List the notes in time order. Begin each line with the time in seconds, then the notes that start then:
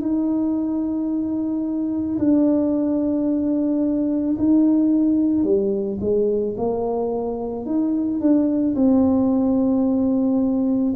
0.00 D#4
2.18 D4
4.38 D#4
5.43 G3
6.00 G#3
6.58 A#3
7.66 D#4
8.20 D4
8.75 C4